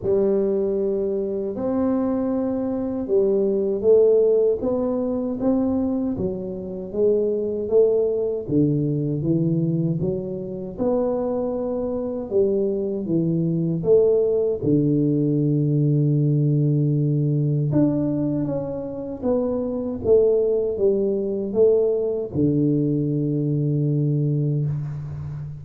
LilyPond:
\new Staff \with { instrumentName = "tuba" } { \time 4/4 \tempo 4 = 78 g2 c'2 | g4 a4 b4 c'4 | fis4 gis4 a4 d4 | e4 fis4 b2 |
g4 e4 a4 d4~ | d2. d'4 | cis'4 b4 a4 g4 | a4 d2. | }